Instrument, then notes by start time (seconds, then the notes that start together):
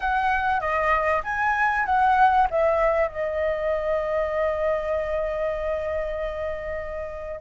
flute
0.00 F#5
0.60 D#5
1.23 G#5
1.85 F#5
2.50 E5
3.08 D#5